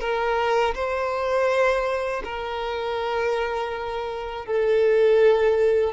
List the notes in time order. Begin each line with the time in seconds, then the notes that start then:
0.00 A#4
0.74 C5
2.24 A#4
4.45 A4